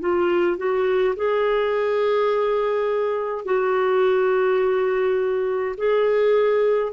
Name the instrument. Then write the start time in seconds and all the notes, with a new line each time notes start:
clarinet
0.00 F4
0.57 F#4
1.16 G#4
3.45 F#4
5.77 G#4